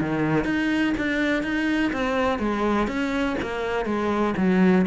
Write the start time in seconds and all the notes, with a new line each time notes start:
0.00 D#3
0.44 D#4
0.97 D4
1.43 D#4
1.92 C4
2.38 G#3
2.87 C#4
3.41 A#3
3.85 G#3
4.37 F#3